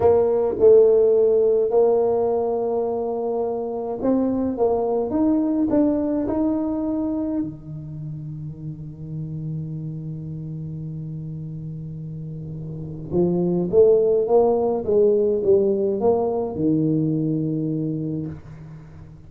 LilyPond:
\new Staff \with { instrumentName = "tuba" } { \time 4/4 \tempo 4 = 105 ais4 a2 ais4~ | ais2. c'4 | ais4 dis'4 d'4 dis'4~ | dis'4 dis2.~ |
dis1~ | dis2. f4 | a4 ais4 gis4 g4 | ais4 dis2. | }